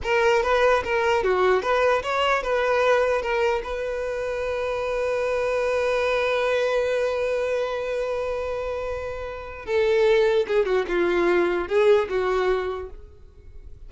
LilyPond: \new Staff \with { instrumentName = "violin" } { \time 4/4 \tempo 4 = 149 ais'4 b'4 ais'4 fis'4 | b'4 cis''4 b'2 | ais'4 b'2.~ | b'1~ |
b'1~ | b'1 | a'2 gis'8 fis'8 f'4~ | f'4 gis'4 fis'2 | }